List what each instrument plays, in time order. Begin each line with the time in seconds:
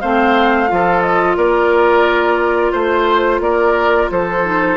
0.00 bassoon A3, clarinet C4, oboe C5, flute F5
0.67 bassoon F3, clarinet F4
0.73 oboe A4
1.01 flute D#5
1.36 bassoon A#3, oboe A#4, flute D5
2.71 bassoon A3, flute C5, oboe C5
3.39 bassoon A#3, oboe A#4, flute D5
4.10 bassoon F3, oboe A4, flute C5
4.44 clarinet D#4